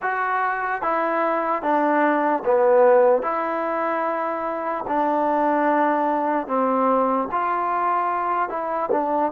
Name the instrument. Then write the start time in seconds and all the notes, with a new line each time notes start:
trombone
0.02 F#4
0.81 E4
1.62 D4
2.44 B3
3.22 E4
4.87 D4
6.47 C4
7.31 F4
8.49 E4
8.91 D4